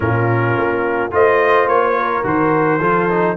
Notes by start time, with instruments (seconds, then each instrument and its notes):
0.00 tuba A#2, trombone C#4, horn F4, trumpet A#4
0.56 tuba A#3
1.11 tuba A3, trombone F4, horn C5, trumpet D#5
1.67 tuba A#3, trumpet C#5
1.98 horn A#4
2.23 tuba D#3, trombone F#4, trumpet C5
2.79 tuba F3, trombone F4, horn A4
3.09 trombone D#4